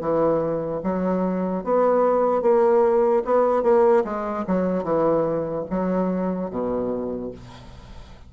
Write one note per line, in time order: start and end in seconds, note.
0.00 0.81 E3
0.83 1.64 F#3
1.64 2.42 B3
2.42 3.23 A#3
3.25 3.63 B3
3.63 4.03 A#3
4.04 4.45 G#3
4.47 4.84 F#3
4.84 5.65 E3
5.70 6.50 F#3
6.50 7.31 B2